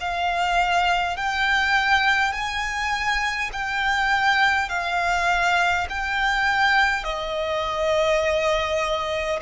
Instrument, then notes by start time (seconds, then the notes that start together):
violin
0.00 F5
1.16 G5
2.33 G#5
3.52 G5
4.69 F5
5.89 G5
7.04 D#5